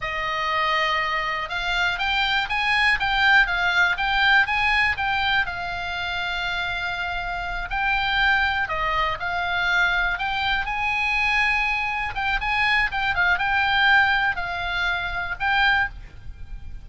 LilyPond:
\new Staff \with { instrumentName = "oboe" } { \time 4/4 \tempo 4 = 121 dis''2. f''4 | g''4 gis''4 g''4 f''4 | g''4 gis''4 g''4 f''4~ | f''2.~ f''8 g''8~ |
g''4. dis''4 f''4.~ | f''8 g''4 gis''2~ gis''8~ | gis''8 g''8 gis''4 g''8 f''8 g''4~ | g''4 f''2 g''4 | }